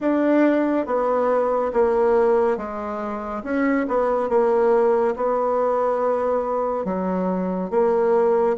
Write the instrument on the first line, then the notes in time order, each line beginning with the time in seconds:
bassoon
0.00 D4
0.86 B3
1.73 A#3
2.57 G#3
3.43 C#4
3.88 B3
4.29 A#3
5.15 B3
6.84 F#3
7.70 A#3